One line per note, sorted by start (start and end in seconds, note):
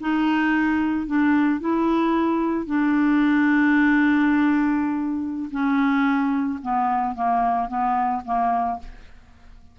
0.00 1.06 D#4
1.06 1.60 D4
1.60 2.66 E4
2.66 5.50 D4
5.51 6.59 C#4
6.62 7.15 B3
7.15 7.68 A#3
7.68 8.22 B3
8.25 8.79 A#3